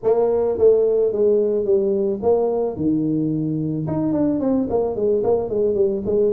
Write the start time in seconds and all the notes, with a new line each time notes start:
0.03 A#3
0.58 A3
1.12 G#3
1.65 G3
2.22 A#3
2.76 D#3
3.87 D#4
4.12 D4
4.40 C4
4.69 A#3
4.95 G#3
5.23 A#3
5.49 G#3
5.74 G3
6.05 G#3